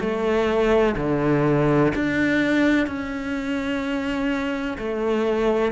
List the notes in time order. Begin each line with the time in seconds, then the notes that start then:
0.00 A3
0.97 D3
1.95 D4
2.87 C#4
4.78 A3